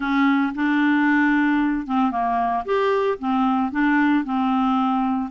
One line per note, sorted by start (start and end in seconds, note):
0.00 0.53 C#4
0.54 1.86 D4
1.86 2.11 C4
2.11 2.64 A#3
2.65 3.18 G4
3.19 3.71 C4
3.71 4.24 D4
4.24 5.30 C4